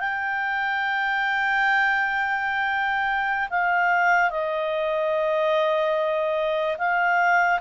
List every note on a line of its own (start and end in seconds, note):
0.00 3.49 G5
3.50 4.31 F5
4.31 6.77 D#5
6.78 7.60 F5